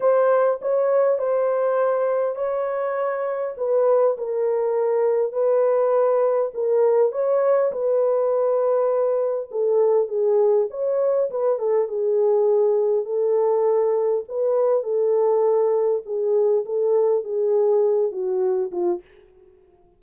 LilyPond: \new Staff \with { instrumentName = "horn" } { \time 4/4 \tempo 4 = 101 c''4 cis''4 c''2 | cis''2 b'4 ais'4~ | ais'4 b'2 ais'4 | cis''4 b'2. |
a'4 gis'4 cis''4 b'8 a'8 | gis'2 a'2 | b'4 a'2 gis'4 | a'4 gis'4. fis'4 f'8 | }